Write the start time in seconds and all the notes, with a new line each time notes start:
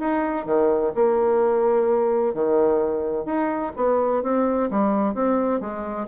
0.00 D#4
0.46 D#3
0.95 A#3
2.34 D#3
3.25 D#4
3.76 B3
4.23 C4
4.71 G3
5.15 C4
5.61 G#3